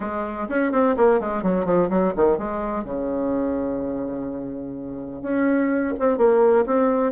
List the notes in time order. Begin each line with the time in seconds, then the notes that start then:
0.00 G#3
0.48 C#4
0.71 C4
0.96 A#3
1.19 G#3
1.43 F#3
1.65 F3
1.89 F#3
2.16 D#3
2.37 G#3
2.84 C#3
5.22 C#4
5.99 C4
6.17 A#3
6.66 C4